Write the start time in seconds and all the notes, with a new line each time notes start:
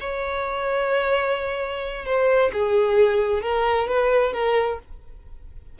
0.00 C#5
2.05 C5
2.53 G#4
3.42 A#4
3.88 B4
4.33 A#4